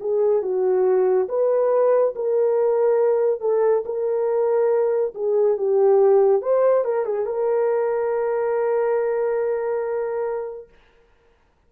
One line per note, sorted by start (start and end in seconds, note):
0.00 0.42 G#4
0.42 1.27 F#4
1.28 2.14 B4
2.15 3.41 A#4
3.41 3.83 A4
3.85 5.14 A#4
5.14 5.57 G#4
5.57 6.41 G4
6.41 6.84 C5
6.84 7.05 A#4
7.05 7.25 G#4
7.25 10.68 A#4